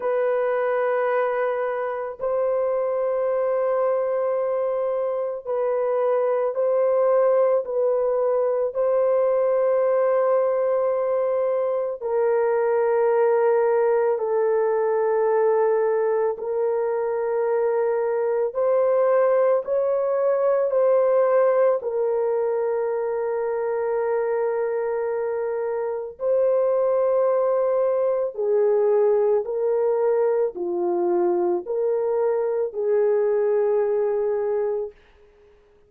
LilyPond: \new Staff \with { instrumentName = "horn" } { \time 4/4 \tempo 4 = 55 b'2 c''2~ | c''4 b'4 c''4 b'4 | c''2. ais'4~ | ais'4 a'2 ais'4~ |
ais'4 c''4 cis''4 c''4 | ais'1 | c''2 gis'4 ais'4 | f'4 ais'4 gis'2 | }